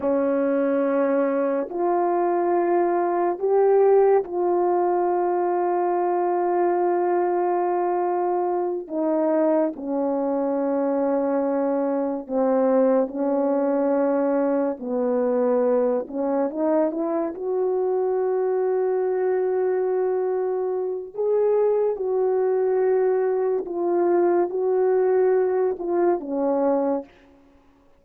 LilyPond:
\new Staff \with { instrumentName = "horn" } { \time 4/4 \tempo 4 = 71 cis'2 f'2 | g'4 f'2.~ | f'2~ f'8 dis'4 cis'8~ | cis'2~ cis'8 c'4 cis'8~ |
cis'4. b4. cis'8 dis'8 | e'8 fis'2.~ fis'8~ | fis'4 gis'4 fis'2 | f'4 fis'4. f'8 cis'4 | }